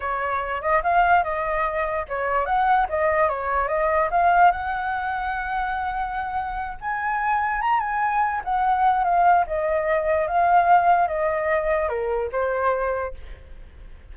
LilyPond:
\new Staff \with { instrumentName = "flute" } { \time 4/4 \tempo 4 = 146 cis''4. dis''8 f''4 dis''4~ | dis''4 cis''4 fis''4 dis''4 | cis''4 dis''4 f''4 fis''4~ | fis''1~ |
fis''8 gis''2 ais''8 gis''4~ | gis''8 fis''4. f''4 dis''4~ | dis''4 f''2 dis''4~ | dis''4 ais'4 c''2 | }